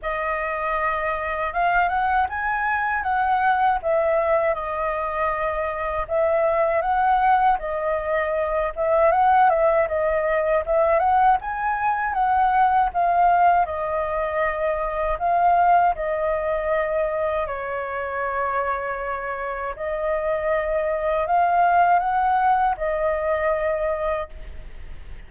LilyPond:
\new Staff \with { instrumentName = "flute" } { \time 4/4 \tempo 4 = 79 dis''2 f''8 fis''8 gis''4 | fis''4 e''4 dis''2 | e''4 fis''4 dis''4. e''8 | fis''8 e''8 dis''4 e''8 fis''8 gis''4 |
fis''4 f''4 dis''2 | f''4 dis''2 cis''4~ | cis''2 dis''2 | f''4 fis''4 dis''2 | }